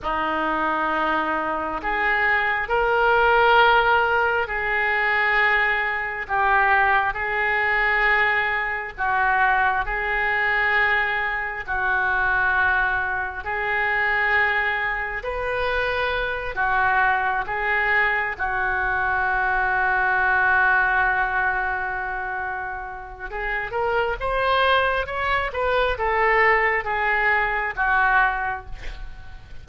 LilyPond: \new Staff \with { instrumentName = "oboe" } { \time 4/4 \tempo 4 = 67 dis'2 gis'4 ais'4~ | ais'4 gis'2 g'4 | gis'2 fis'4 gis'4~ | gis'4 fis'2 gis'4~ |
gis'4 b'4. fis'4 gis'8~ | gis'8 fis'2.~ fis'8~ | fis'2 gis'8 ais'8 c''4 | cis''8 b'8 a'4 gis'4 fis'4 | }